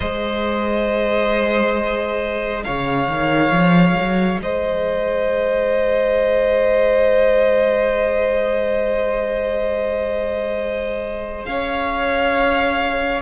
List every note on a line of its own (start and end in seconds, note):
0.00 2.65 G#3
0.00 13.21 G#4
0.00 2.64 C5
0.00 2.63 D#5
2.63 3.07 C#3
2.63 4.42 C#5
2.63 4.40 F5
3.07 3.51 D#3
3.51 3.95 F3
4.00 4.39 F#3
4.39 11.45 G#3
4.39 11.48 C5
4.39 11.45 D#5
11.45 13.21 C#4
11.45 13.21 C#5
11.45 13.21 F5